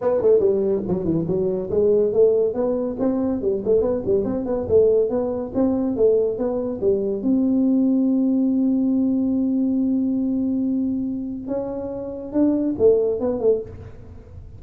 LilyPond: \new Staff \with { instrumentName = "tuba" } { \time 4/4 \tempo 4 = 141 b8 a8 g4 fis8 e8 fis4 | gis4 a4 b4 c'4 | g8 a8 b8 g8 c'8 b8 a4 | b4 c'4 a4 b4 |
g4 c'2.~ | c'1~ | c'2. cis'4~ | cis'4 d'4 a4 b8 a8 | }